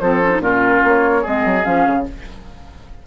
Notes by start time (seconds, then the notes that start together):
0.00 F3 C4 A4 C5
0.21 C#4
0.31 D#4
0.39 A#2 C#4 F4 A#4
0.84 A#3 C#5
1.21 G#3 C4 G#4 D#5
1.45 F#3
1.62 F3 C#4 F5
1.86 C#3